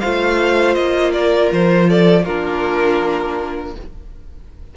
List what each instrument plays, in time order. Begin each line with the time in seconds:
0.00 cello A3, viola F4, violin C5 F5
0.74 cello A#3, violin D#5
1.12 violin A#4 D5
1.52 cello F3, violin C5
1.89 violin A4 D5
2.24 cello A#3, viola D4, violin F4 A#4